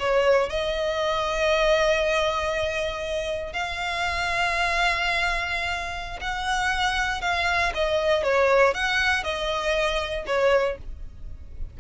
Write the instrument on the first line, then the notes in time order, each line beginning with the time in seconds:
violin
0.00 C#5
0.50 D#5
3.53 F5
6.21 F#5
7.22 F5
7.75 D#5
8.24 C#5
8.75 F#5
9.24 D#5
10.27 C#5